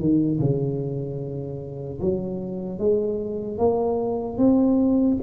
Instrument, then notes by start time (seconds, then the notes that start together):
tuba
0.00 D#3
0.40 C#3
2.01 F#3
2.79 G#3
3.59 A#3
4.38 C4